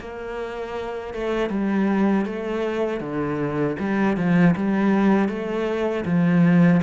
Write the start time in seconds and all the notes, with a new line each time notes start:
0.00 A#3
1.14 A3
1.50 G3
2.26 A3
3.00 D3
3.79 G3
4.17 F3
4.56 G3
5.29 A3
6.05 F3